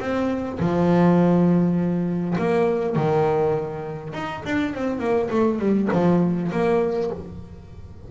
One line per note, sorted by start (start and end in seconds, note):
0.00 0.59 C4
0.60 2.36 F3
2.38 2.96 A#3
2.96 4.13 D#3
4.13 4.43 D#4
4.45 4.75 D4
4.75 4.99 C4
4.99 5.29 A#3
5.30 5.59 A3
5.59 5.89 G3
5.92 6.51 F3
6.52 7.11 A#3